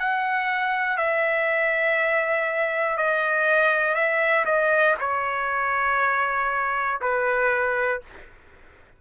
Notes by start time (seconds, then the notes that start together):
0.00 F#5
0.98 E5
2.98 D#5
3.95 E5
4.45 D#5
5.00 C#5
7.01 B4